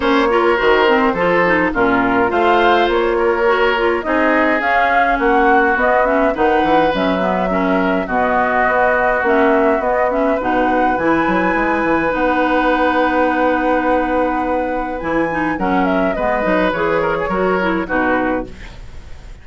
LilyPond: <<
  \new Staff \with { instrumentName = "flute" } { \time 4/4 \tempo 4 = 104 cis''4 c''2 ais'4 | f''4 cis''2 dis''4 | f''4 fis''4 dis''8 e''8 fis''4 | e''2 dis''2 |
e''4 dis''8 e''8 fis''4 gis''4~ | gis''4 fis''2.~ | fis''2 gis''4 fis''8 e''8 | dis''4 cis''2 b'4 | }
  \new Staff \with { instrumentName = "oboe" } { \time 4/4 c''8 ais'4. a'4 f'4 | c''4. ais'4. gis'4~ | gis'4 fis'2 b'4~ | b'4 ais'4 fis'2~ |
fis'2 b'2~ | b'1~ | b'2. ais'4 | b'4. ais'16 gis'16 ais'4 fis'4 | }
  \new Staff \with { instrumentName = "clarinet" } { \time 4/4 cis'8 f'8 fis'8 c'8 f'8 dis'8 cis'4 | f'2 fis'8 f'8 dis'4 | cis'2 b8 cis'8 dis'4 | cis'8 b8 cis'4 b2 |
cis'4 b8 cis'8 dis'4 e'4~ | e'4 dis'2.~ | dis'2 e'8 dis'8 cis'4 | b8 dis'8 gis'4 fis'8 e'8 dis'4 | }
  \new Staff \with { instrumentName = "bassoon" } { \time 4/4 ais4 dis4 f4 ais,4 | a4 ais2 c'4 | cis'4 ais4 b4 dis8 e8 | fis2 b,4 b4 |
ais4 b4 b,4 e8 fis8 | gis8 e8 b2.~ | b2 e4 fis4 | gis8 fis8 e4 fis4 b,4 | }
>>